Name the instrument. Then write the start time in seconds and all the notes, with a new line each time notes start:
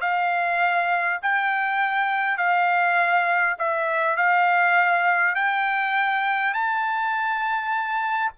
trumpet
0.00 F5
1.22 G5
2.37 F5
3.58 E5
4.16 F5
5.34 G5
6.53 A5